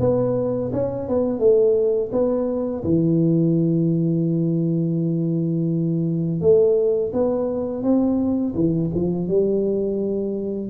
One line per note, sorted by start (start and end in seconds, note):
0.00 0.71 B3
0.73 1.08 C#4
1.08 1.39 B3
1.39 2.11 A3
2.12 2.83 B3
2.83 6.41 E3
6.41 7.12 A3
7.13 7.83 B3
7.83 8.54 C4
8.55 8.90 E3
8.94 9.28 F3
9.28 10.70 G3